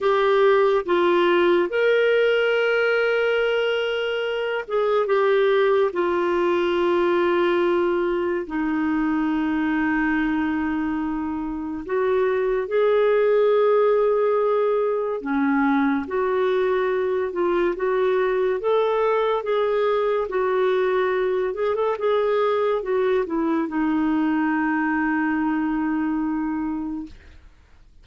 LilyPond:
\new Staff \with { instrumentName = "clarinet" } { \time 4/4 \tempo 4 = 71 g'4 f'4 ais'2~ | ais'4. gis'8 g'4 f'4~ | f'2 dis'2~ | dis'2 fis'4 gis'4~ |
gis'2 cis'4 fis'4~ | fis'8 f'8 fis'4 a'4 gis'4 | fis'4. gis'16 a'16 gis'4 fis'8 e'8 | dis'1 | }